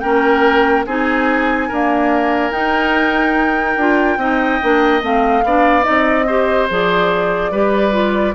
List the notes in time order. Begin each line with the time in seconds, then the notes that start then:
0.00 A#3 C#4 A#4 G5
0.86 C4 D#4 G#4 G#5
1.68 A#3 D4 A#4
2.51 D#4 G5
3.76 D4 F4
4.17 C4 D#4 D#5
4.62 A#3 D4
5.02 A3 C4 F5
5.44 B3 D4 D5
5.83 C4 D#4 D#5
6.27 G4 C5
6.69 F3 G#4 D5
7.51 G3 G4 B4
7.92 F4